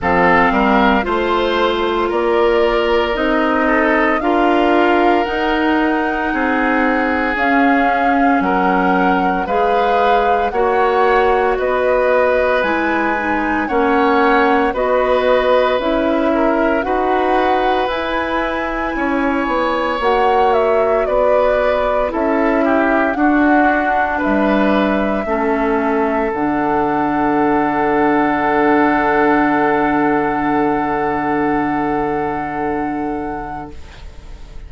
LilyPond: <<
  \new Staff \with { instrumentName = "flute" } { \time 4/4 \tempo 4 = 57 f''4 c''4 d''4 dis''4 | f''4 fis''2 f''4 | fis''4 f''4 fis''4 dis''4 | gis''4 fis''4 dis''4 e''4 |
fis''4 gis''2 fis''8 e''8 | d''4 e''4 fis''4 e''4~ | e''4 fis''2.~ | fis''1 | }
  \new Staff \with { instrumentName = "oboe" } { \time 4/4 a'8 ais'8 c''4 ais'4. a'8 | ais'2 gis'2 | ais'4 b'4 cis''4 b'4~ | b'4 cis''4 b'4. ais'8 |
b'2 cis''2 | b'4 a'8 g'8 fis'4 b'4 | a'1~ | a'1 | }
  \new Staff \with { instrumentName = "clarinet" } { \time 4/4 c'4 f'2 dis'4 | f'4 dis'2 cis'4~ | cis'4 gis'4 fis'2 | e'8 dis'8 cis'4 fis'4 e'4 |
fis'4 e'2 fis'4~ | fis'4 e'4 d'2 | cis'4 d'2.~ | d'1 | }
  \new Staff \with { instrumentName = "bassoon" } { \time 4/4 f8 g8 a4 ais4 c'4 | d'4 dis'4 c'4 cis'4 | fis4 gis4 ais4 b4 | gis4 ais4 b4 cis'4 |
dis'4 e'4 cis'8 b8 ais4 | b4 cis'4 d'4 g4 | a4 d2.~ | d1 | }
>>